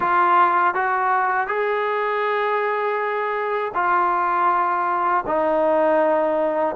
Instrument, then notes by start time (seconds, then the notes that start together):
trombone
0.00 F4
0.74 F#4
1.47 G#4
3.74 F4
5.26 D#4